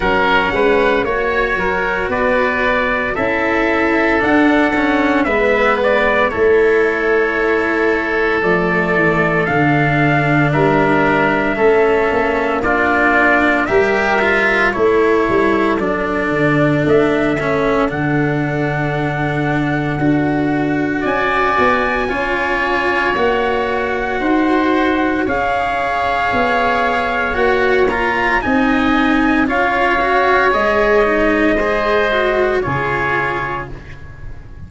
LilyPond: <<
  \new Staff \with { instrumentName = "trumpet" } { \time 4/4 \tempo 4 = 57 fis''4 cis''4 d''4 e''4 | fis''4 e''8 d''8 cis''2 | d''4 f''4 e''2 | d''4 e''4 cis''4 d''4 |
e''4 fis''2. | gis''2 fis''2 | f''2 fis''8 ais''8 gis''4 | f''4 dis''2 cis''4 | }
  \new Staff \with { instrumentName = "oboe" } { \time 4/4 ais'8 b'8 cis''8 ais'8 b'4 a'4~ | a'4 b'4 a'2~ | a'2 ais'4 a'4 | f'4 ais'4 a'2~ |
a'1 | d''4 cis''2 c''4 | cis''2. dis''4 | cis''2 c''4 gis'4 | }
  \new Staff \with { instrumentName = "cello" } { \time 4/4 cis'4 fis'2 e'4 | d'8 cis'8 b4 e'2 | a4 d'2 cis'4 | d'4 g'8 f'8 e'4 d'4~ |
d'8 cis'8 d'2 fis'4~ | fis'4 f'4 fis'2 | gis'2 fis'8 f'8 dis'4 | f'8 fis'8 gis'8 dis'8 gis'8 fis'8 f'4 | }
  \new Staff \with { instrumentName = "tuba" } { \time 4/4 fis8 gis8 ais8 fis8 b4 cis'4 | d'4 gis4 a2 | f8 e8 d4 g4 a8 ais8~ | ais4 g4 a8 g8 fis8 d8 |
a4 d2 d'4 | cis'8 b8 cis'4 ais4 dis'4 | cis'4 b4 ais4 c'4 | cis'4 gis2 cis4 | }
>>